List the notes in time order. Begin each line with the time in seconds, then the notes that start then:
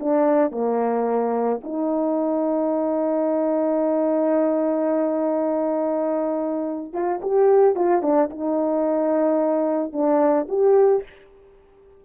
0.00 D4
0.52 A#3
1.64 D#4
6.93 F4
7.22 G4
7.76 F4
8.03 D4
8.31 D#4
9.93 D4
10.49 G4